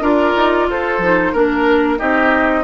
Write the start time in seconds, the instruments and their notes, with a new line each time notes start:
0.00 bassoon D4, clarinet F4, oboe A#4, flute D5
0.36 bassoon D#4
0.68 bassoon F4, oboe A4, flute C5
0.98 bassoon F3, clarinet D#4
1.32 bassoon A#3, clarinet D4, oboe A#4, flute A#4
1.98 bassoon C4, clarinet D#4, oboe G4, flute D#5